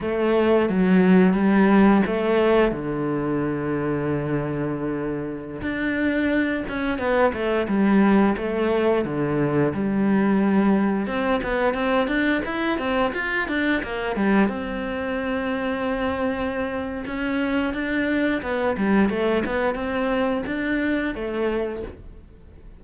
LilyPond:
\new Staff \with { instrumentName = "cello" } { \time 4/4 \tempo 4 = 88 a4 fis4 g4 a4 | d1~ | d16 d'4. cis'8 b8 a8 g8.~ | g16 a4 d4 g4.~ g16~ |
g16 c'8 b8 c'8 d'8 e'8 c'8 f'8 d'16~ | d'16 ais8 g8 c'2~ c'8.~ | c'4 cis'4 d'4 b8 g8 | a8 b8 c'4 d'4 a4 | }